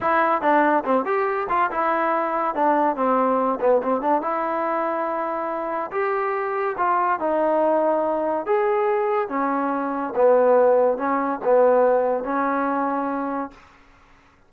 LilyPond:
\new Staff \with { instrumentName = "trombone" } { \time 4/4 \tempo 4 = 142 e'4 d'4 c'8 g'4 f'8 | e'2 d'4 c'4~ | c'8 b8 c'8 d'8 e'2~ | e'2 g'2 |
f'4 dis'2. | gis'2 cis'2 | b2 cis'4 b4~ | b4 cis'2. | }